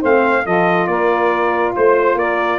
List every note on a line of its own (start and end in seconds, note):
0.00 0.46 A3
0.00 0.44 C4
0.00 0.43 C5
0.00 0.46 F5
0.45 0.87 F3
0.45 2.59 F4
0.45 0.88 A4
0.45 0.87 D#5
0.87 1.73 A#3
0.87 1.75 A#4
0.87 1.73 D5
1.76 2.15 A3
1.76 2.18 C5
2.15 2.58 A#3
2.15 2.59 A#4
2.15 2.59 D5